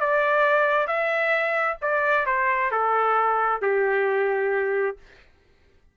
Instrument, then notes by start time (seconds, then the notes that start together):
trumpet
0.00 D5
0.87 E5
1.81 D5
2.26 C5
2.71 A4
3.62 G4